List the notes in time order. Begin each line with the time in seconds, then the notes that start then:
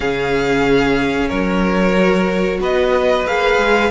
0.00 C#3 C#4 G#4 F5
1.28 F#3 A#4 C#5
1.96 F#4
2.60 B3 B4 D#5
3.26 A#3 G#4 F5
3.57 G#3